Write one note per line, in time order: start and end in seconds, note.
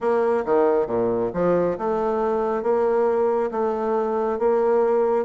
0.00 0.44 A#3
0.45 0.87 D#3
0.87 1.30 A#2
1.33 1.77 F3
1.77 2.63 A3
2.63 3.50 A#3
3.51 4.38 A3
4.38 5.25 A#3